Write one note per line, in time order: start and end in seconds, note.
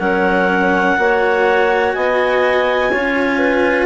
0.00 0.97 F#3
0.00 0.97 C#4
0.00 0.98 A#4
0.00 1.93 F#5
0.97 1.95 A#3
0.97 2.91 F#4
0.97 1.96 C#5
1.93 2.93 B3
1.93 2.92 D#5
1.93 3.86 G#5
2.92 3.86 C#4
2.92 3.86 F4
2.92 3.39 C#5
3.39 3.86 B4